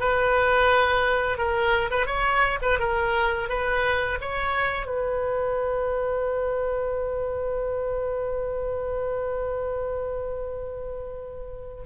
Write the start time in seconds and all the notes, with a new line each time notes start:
0.00 B4
1.38 A#4
1.91 B4
2.06 C#5
2.62 B4
2.80 A#4
3.49 B4
4.21 C#5
4.87 B4